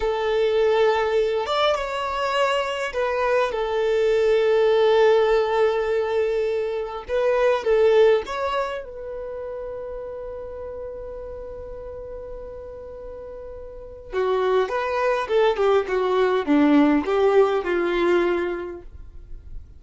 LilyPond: \new Staff \with { instrumentName = "violin" } { \time 4/4 \tempo 4 = 102 a'2~ a'8 d''8 cis''4~ | cis''4 b'4 a'2~ | a'1 | b'4 a'4 cis''4 b'4~ |
b'1~ | b'1 | fis'4 b'4 a'8 g'8 fis'4 | d'4 g'4 f'2 | }